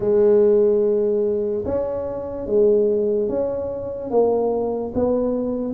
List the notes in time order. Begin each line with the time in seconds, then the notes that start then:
0.00 G#3
1.65 C#4
2.46 G#3
3.29 C#4
4.10 A#3
4.94 B3